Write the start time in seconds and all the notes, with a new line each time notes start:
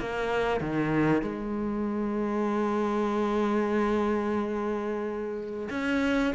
0.00 A#3
0.61 D#3
1.22 G#3
5.70 C#4